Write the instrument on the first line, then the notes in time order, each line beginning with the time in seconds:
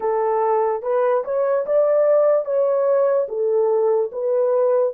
horn
0.00 A4
0.82 B4
1.24 C#5
1.66 D5
2.45 C#5
3.28 A4
4.12 B4